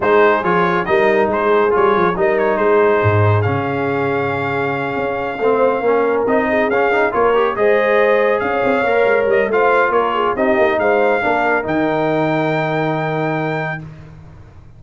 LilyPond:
<<
  \new Staff \with { instrumentName = "trumpet" } { \time 4/4 \tempo 4 = 139 c''4 cis''4 dis''4 c''4 | cis''4 dis''8 cis''8 c''2 | f''1~ | f''2~ f''8 dis''4 f''8~ |
f''8 cis''4 dis''2 f''8~ | f''4. dis''8 f''4 cis''4 | dis''4 f''2 g''4~ | g''1 | }
  \new Staff \with { instrumentName = "horn" } { \time 4/4 gis'2 ais'4 gis'4~ | gis'4 ais'4 gis'2~ | gis'1~ | gis'8 c''4 ais'4. gis'4~ |
gis'8 ais'4 c''2 cis''8~ | cis''2 c''4 ais'8 gis'8 | g'4 c''4 ais'2~ | ais'1 | }
  \new Staff \with { instrumentName = "trombone" } { \time 4/4 dis'4 f'4 dis'2 | f'4 dis'2. | cis'1~ | cis'8 c'4 cis'4 dis'4 cis'8 |
dis'8 f'8 g'8 gis'2~ gis'8~ | gis'8 ais'4. f'2 | dis'2 d'4 dis'4~ | dis'1 | }
  \new Staff \with { instrumentName = "tuba" } { \time 4/4 gis4 f4 g4 gis4 | g8 f8 g4 gis4 gis,4 | cis2.~ cis8 cis'8~ | cis'8 a4 ais4 c'4 cis'8~ |
cis'8 ais4 gis2 cis'8 | c'8 ais8 gis8 g8 a4 ais4 | c'8 ais8 gis4 ais4 dis4~ | dis1 | }
>>